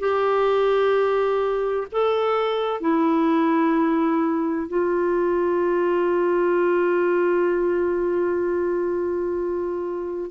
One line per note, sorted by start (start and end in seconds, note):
0.00 1.87 G4
1.92 2.81 A4
2.81 4.69 E4
4.69 10.31 F4